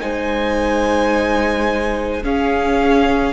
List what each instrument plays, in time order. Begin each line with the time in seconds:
0.00 cello G#3, viola D#4, violin C5 G#5
2.22 viola C#4, cello C#4, violin G#4 F5